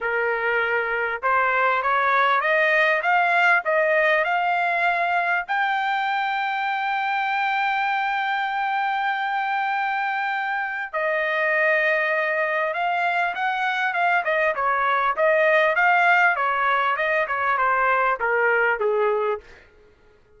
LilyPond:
\new Staff \with { instrumentName = "trumpet" } { \time 4/4 \tempo 4 = 99 ais'2 c''4 cis''4 | dis''4 f''4 dis''4 f''4~ | f''4 g''2.~ | g''1~ |
g''2 dis''2~ | dis''4 f''4 fis''4 f''8 dis''8 | cis''4 dis''4 f''4 cis''4 | dis''8 cis''8 c''4 ais'4 gis'4 | }